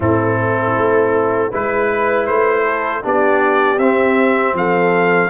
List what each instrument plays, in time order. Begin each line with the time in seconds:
0.00 tuba A2, trombone C4, horn E4, trumpet A4
0.75 tuba A3
1.50 tuba G#3, trombone E4, horn B4, trumpet B4
2.26 tuba A3, trumpet C5
2.65 horn A4
3.03 tuba B3, trombone D4, horn G4, trumpet D5
3.77 tuba C4, trombone C4, trumpet E5
4.53 tuba F3, horn A4, trumpet F5